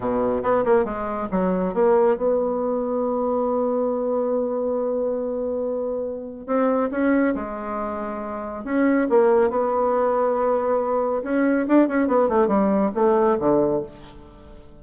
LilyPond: \new Staff \with { instrumentName = "bassoon" } { \time 4/4 \tempo 4 = 139 b,4 b8 ais8 gis4 fis4 | ais4 b2.~ | b1~ | b2. c'4 |
cis'4 gis2. | cis'4 ais4 b2~ | b2 cis'4 d'8 cis'8 | b8 a8 g4 a4 d4 | }